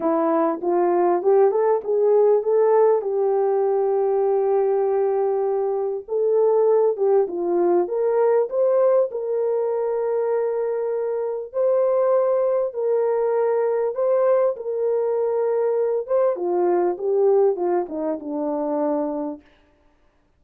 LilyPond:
\new Staff \with { instrumentName = "horn" } { \time 4/4 \tempo 4 = 99 e'4 f'4 g'8 a'8 gis'4 | a'4 g'2.~ | g'2 a'4. g'8 | f'4 ais'4 c''4 ais'4~ |
ais'2. c''4~ | c''4 ais'2 c''4 | ais'2~ ais'8 c''8 f'4 | g'4 f'8 dis'8 d'2 | }